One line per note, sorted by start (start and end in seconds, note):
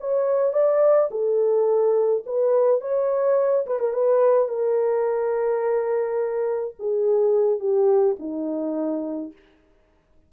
0.00 0.53 C#5
0.53 1.10 D5
1.11 2.24 A4
2.26 2.81 B4
2.81 3.66 C#5
3.66 3.80 B4
3.80 3.94 A#4
3.94 4.48 B4
4.48 6.75 A#4
6.79 7.60 G#4
7.60 8.16 G4
8.19 9.33 D#4